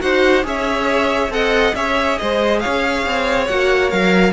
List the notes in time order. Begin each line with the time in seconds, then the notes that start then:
0.00 D#4 F#4 C5 F#5
0.43 C#4 G#4 C#5 E5
1.29 C4 A4 D#5 F#5
1.75 C#4 G#4 C#5 E5
2.18 G#3 C5 D#5
2.59 C#5 F5
2.65 C#4
3.05 C4
3.47 A#3 F#4 F#5
3.90 F#3 A#4 F5